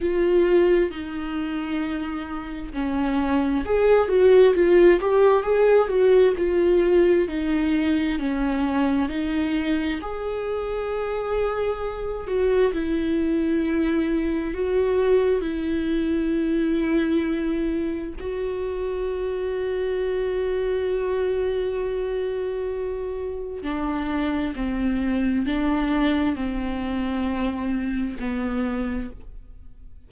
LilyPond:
\new Staff \with { instrumentName = "viola" } { \time 4/4 \tempo 4 = 66 f'4 dis'2 cis'4 | gis'8 fis'8 f'8 g'8 gis'8 fis'8 f'4 | dis'4 cis'4 dis'4 gis'4~ | gis'4. fis'8 e'2 |
fis'4 e'2. | fis'1~ | fis'2 d'4 c'4 | d'4 c'2 b4 | }